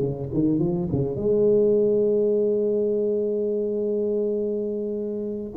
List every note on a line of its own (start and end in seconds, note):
0.00 0.29 C#3
0.33 0.59 D#3
0.59 0.88 F3
0.92 1.16 C#3
1.16 5.53 G#3